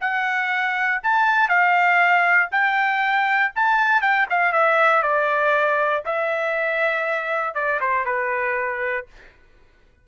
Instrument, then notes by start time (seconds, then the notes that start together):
trumpet
0.00 F#5
1.03 A5
1.48 F5
2.51 G5
3.55 A5
4.01 G5
4.29 F5
4.52 E5
5.02 D5
6.05 E5
7.54 D5
7.80 C5
8.05 B4